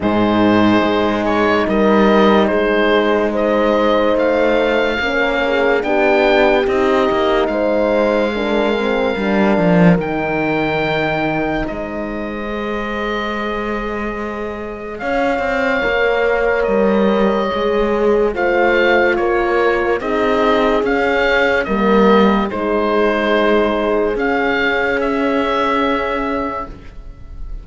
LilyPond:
<<
  \new Staff \with { instrumentName = "oboe" } { \time 4/4 \tempo 4 = 72 c''4. cis''8 dis''4 c''4 | dis''4 f''2 g''4 | dis''4 f''2. | g''2 dis''2~ |
dis''2 f''2 | dis''2 f''4 cis''4 | dis''4 f''4 dis''4 c''4~ | c''4 f''4 e''2 | }
  \new Staff \with { instrumentName = "horn" } { \time 4/4 gis'2 ais'4 gis'4 | c''2 ais'8 gis'8 g'4~ | g'4 c''4 ais'2~ | ais'2 c''2~ |
c''2 cis''2~ | cis''2 c''4 ais'4 | gis'2 ais'4 gis'4~ | gis'1 | }
  \new Staff \with { instrumentName = "horn" } { \time 4/4 dis'1~ | dis'2 cis'4 d'4 | dis'2 d'8 c'8 d'4 | dis'2. gis'4~ |
gis'2. ais'4~ | ais'4 gis'4 f'2 | dis'4 cis'4 ais4 dis'4~ | dis'4 cis'2. | }
  \new Staff \with { instrumentName = "cello" } { \time 4/4 gis,4 gis4 g4 gis4~ | gis4 a4 ais4 b4 | c'8 ais8 gis2 g8 f8 | dis2 gis2~ |
gis2 cis'8 c'8 ais4 | g4 gis4 a4 ais4 | c'4 cis'4 g4 gis4~ | gis4 cis'2. | }
>>